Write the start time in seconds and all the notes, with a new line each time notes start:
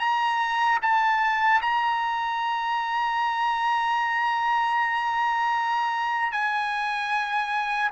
0.00 A#5
0.83 A5
1.62 A#5
6.32 G#5